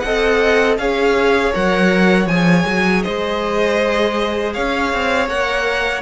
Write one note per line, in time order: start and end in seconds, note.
0.00 0.78 C4
0.00 0.79 A4
0.00 0.80 D#5
0.00 0.75 F#5
0.78 1.53 C#4
0.78 1.53 G#4
0.78 3.04 C#5
0.78 1.53 F5
1.53 2.26 F#3
1.53 2.28 A#4
1.53 2.28 F#5
2.26 2.63 F3
2.26 5.29 G#4
2.26 3.03 G#5
2.67 3.04 F#3
3.03 4.57 G#3
3.03 4.54 C5
3.03 4.53 D#5
4.54 4.93 C#4
4.54 6.02 C#5
4.54 5.29 F5
4.93 5.28 C4
5.28 6.02 A#3
5.28 6.02 A#4
5.28 6.02 F#5